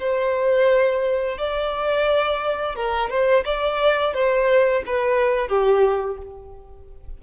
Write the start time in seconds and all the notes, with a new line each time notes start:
0.00 C5
1.38 D5
2.76 A#4
3.10 C5
3.45 D5
4.14 C5
4.86 B4
5.48 G4